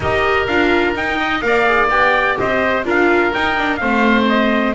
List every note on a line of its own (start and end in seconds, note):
0.00 0.46 D#4
0.00 0.48 G4
0.00 1.19 A#4
0.00 0.46 D#5
0.46 0.94 D4
0.46 0.95 F4
0.46 0.94 F5
0.95 1.42 D#4
0.95 1.41 D#4
0.95 1.40 G5
1.19 1.43 D#5
1.40 1.90 A#3
1.40 1.65 A#4
1.40 2.39 D5
1.40 1.88 F5
1.65 1.89 G#4
1.89 2.37 B3
1.89 2.84 G4
1.89 2.37 G5
2.39 2.85 C4
2.39 2.86 C5
2.39 2.86 D#5
2.84 3.32 D4
2.84 3.32 F4
2.84 3.80 A#4
2.84 3.33 F5
3.33 3.55 D#4
3.33 3.81 D#4
3.33 3.76 G5
3.55 3.79 D4
3.76 4.74 A3
3.76 4.74 C4
3.76 4.74 C5
3.76 4.24 F5
4.29 4.74 D#5